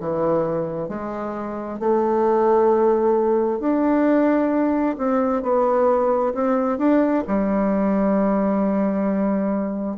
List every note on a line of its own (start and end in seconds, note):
0.00 0.88 E3
0.88 1.79 G#3
1.79 3.60 A3
3.60 4.96 D4
4.98 5.43 C4
5.43 6.34 B3
6.34 6.79 C4
6.79 7.24 D4
7.27 9.98 G3